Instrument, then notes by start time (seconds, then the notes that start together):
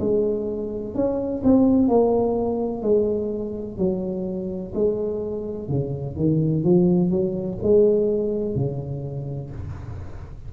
tuba
0.00 G#3
0.95 C#4
1.44 C4
1.89 A#3
2.83 G#3
3.78 F#3
4.75 G#3
5.69 C#3
6.16 D#3
6.64 F3
7.11 F#3
7.63 G#3
8.56 C#3